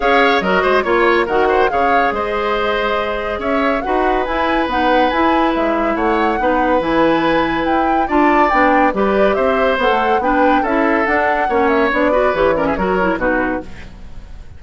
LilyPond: <<
  \new Staff \with { instrumentName = "flute" } { \time 4/4 \tempo 4 = 141 f''4 dis''4 cis''4 fis''4 | f''4 dis''2. | e''4 fis''4 gis''4 fis''4 | gis''4 e''4 fis''2 |
gis''2 g''4 a''4 | g''4 d''4 e''4 fis''4 | g''4 e''4 fis''4. e''8 | d''4 cis''8 d''16 e''16 cis''4 b'4 | }
  \new Staff \with { instrumentName = "oboe" } { \time 4/4 cis''4 ais'8 c''8 cis''4 ais'8 c''8 | cis''4 c''2. | cis''4 b'2.~ | b'2 cis''4 b'4~ |
b'2. d''4~ | d''4 b'4 c''2 | b'4 a'2 cis''4~ | cis''8 b'4 ais'16 gis'16 ais'4 fis'4 | }
  \new Staff \with { instrumentName = "clarinet" } { \time 4/4 gis'4 fis'4 f'4 fis'4 | gis'1~ | gis'4 fis'4 e'4 dis'4 | e'2. dis'4 |
e'2. f'4 | d'4 g'2 a'4 | d'4 e'4 d'4 cis'4 | d'8 fis'8 g'8 cis'8 fis'8 e'8 dis'4 | }
  \new Staff \with { instrumentName = "bassoon" } { \time 4/4 cis'4 fis8 gis8 ais4 dis4 | cis4 gis2. | cis'4 dis'4 e'4 b4 | e'4 gis4 a4 b4 |
e2 e'4 d'4 | b4 g4 c'4 b16 a8. | b4 cis'4 d'4 ais4 | b4 e4 fis4 b,4 | }
>>